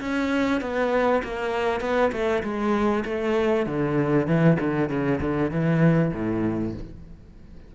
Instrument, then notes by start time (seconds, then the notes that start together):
cello
0.00 C#4
0.61 B3
1.23 A#3
1.81 B3
2.12 A3
2.43 G#3
3.05 A3
3.66 D3
4.27 E3
4.59 D3
4.89 C#3
5.20 D3
5.51 E3
6.13 A2